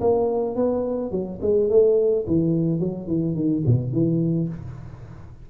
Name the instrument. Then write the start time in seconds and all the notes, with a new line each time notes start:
tuba
0.00 A#3
0.56 B3
1.11 F#3
1.41 G#3
1.69 A3
2.27 E3
2.79 F#3
3.07 E3
3.35 D#3
3.66 B2
3.92 E3